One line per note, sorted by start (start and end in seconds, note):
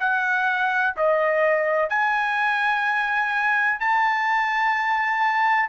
0.00 0.95 F#5
0.97 1.90 D#5
1.90 3.80 G#5
3.80 5.69 A5